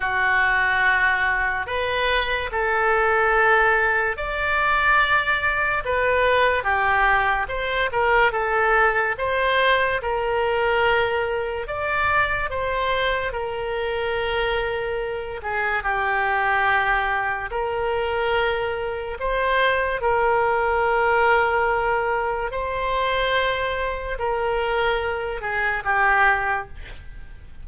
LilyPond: \new Staff \with { instrumentName = "oboe" } { \time 4/4 \tempo 4 = 72 fis'2 b'4 a'4~ | a'4 d''2 b'4 | g'4 c''8 ais'8 a'4 c''4 | ais'2 d''4 c''4 |
ais'2~ ais'8 gis'8 g'4~ | g'4 ais'2 c''4 | ais'2. c''4~ | c''4 ais'4. gis'8 g'4 | }